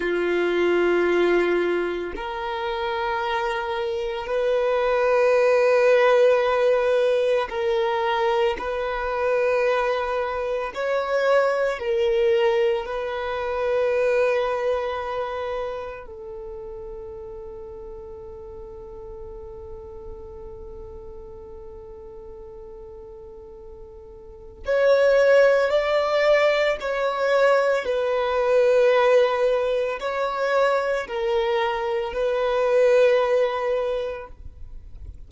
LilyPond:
\new Staff \with { instrumentName = "violin" } { \time 4/4 \tempo 4 = 56 f'2 ais'2 | b'2. ais'4 | b'2 cis''4 ais'4 | b'2. a'4~ |
a'1~ | a'2. cis''4 | d''4 cis''4 b'2 | cis''4 ais'4 b'2 | }